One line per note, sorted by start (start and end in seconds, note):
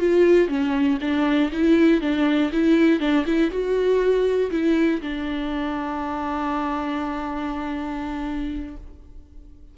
0.00 0.49 F4
0.49 0.99 C#4
1.01 1.51 D4
1.53 2.01 E4
2.01 2.51 D4
2.52 3.00 E4
3.00 3.25 D4
3.26 3.51 E4
3.51 4.51 F#4
4.52 5.02 E4
5.02 8.77 D4